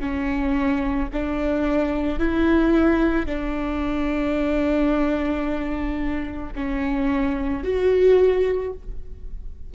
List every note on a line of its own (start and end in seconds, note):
0.00 1.09 C#4
1.13 2.19 D4
2.19 3.26 E4
3.26 6.53 D4
6.55 7.64 C#4
7.64 8.73 F#4